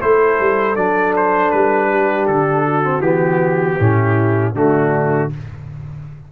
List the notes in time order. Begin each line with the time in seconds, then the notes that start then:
0.00 A3 E4 A4 C5
0.40 G3
0.76 F#3 D4 D5
1.16 C5
1.50 G3 B4
1.89 G4
2.27 D3 A4
2.65 F#4
2.83 C4
3.00 E3 B3 G4
3.79 A2 C#4 E4
4.53 D3 A3 D4 F#4